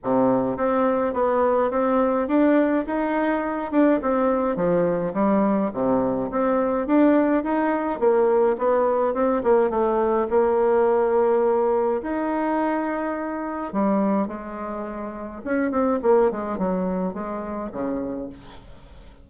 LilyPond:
\new Staff \with { instrumentName = "bassoon" } { \time 4/4 \tempo 4 = 105 c4 c'4 b4 c'4 | d'4 dis'4. d'8 c'4 | f4 g4 c4 c'4 | d'4 dis'4 ais4 b4 |
c'8 ais8 a4 ais2~ | ais4 dis'2. | g4 gis2 cis'8 c'8 | ais8 gis8 fis4 gis4 cis4 | }